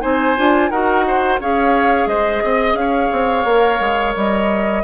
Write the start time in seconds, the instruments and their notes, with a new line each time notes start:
0.00 bassoon C4, clarinet D#4, oboe C5, flute G#5
0.37 bassoon D4, clarinet F4
0.69 bassoon D#4, clarinet F#4, oboe A#4, flute F#5
1.07 oboe C5
1.39 bassoon C#4, clarinet G#4, oboe C#5, flute F5
2.06 bassoon G#3, oboe C5, flute D#5
2.43 bassoon C4, oboe D#5
2.74 bassoon C#4, flute F5
2.80 oboe C#5
3.12 bassoon C4
3.44 bassoon A#3, clarinet A#4
3.79 bassoon G#3
4.15 bassoon G3, flute D#5